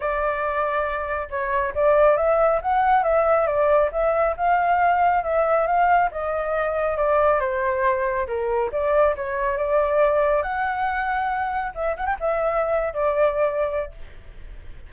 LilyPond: \new Staff \with { instrumentName = "flute" } { \time 4/4 \tempo 4 = 138 d''2. cis''4 | d''4 e''4 fis''4 e''4 | d''4 e''4 f''2 | e''4 f''4 dis''2 |
d''4 c''2 ais'4 | d''4 cis''4 d''2 | fis''2. e''8 fis''16 g''16 | e''4.~ e''16 d''2~ d''16 | }